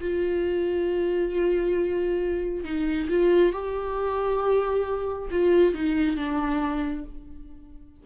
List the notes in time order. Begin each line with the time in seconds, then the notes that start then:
0.00 F4
2.64 D#4
3.09 F4
3.52 G4
5.31 F4
5.74 D#4
6.16 D4